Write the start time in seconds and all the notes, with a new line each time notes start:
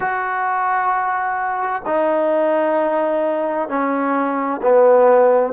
0.00 F#4
1.85 D#4
3.68 C#4
4.62 B3